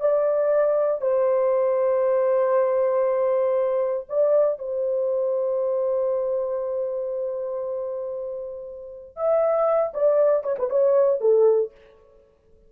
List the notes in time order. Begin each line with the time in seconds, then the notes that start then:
0.00 D5
1.01 C5
4.09 D5
4.58 C5
9.16 E5
9.94 D5
10.43 C#5
10.58 B4
10.70 C#5
11.20 A4